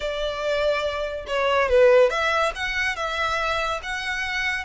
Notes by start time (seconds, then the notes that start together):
0.00 D5
1.27 C#5
1.68 B4
2.09 E5
2.55 F#5
2.96 E5
3.82 F#5